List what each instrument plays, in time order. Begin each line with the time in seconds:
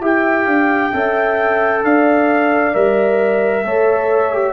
0.00 tuba E4, trombone G4, horn E5, trumpet G5
0.45 tuba D4, horn F5
0.92 tuba C#4, trombone A4, horn E5
1.83 tuba D4, horn D5, trumpet F5
2.73 tuba G3, trombone A#4, trumpet E5
3.64 tuba A3, trombone A4, horn C#5
4.32 trombone G4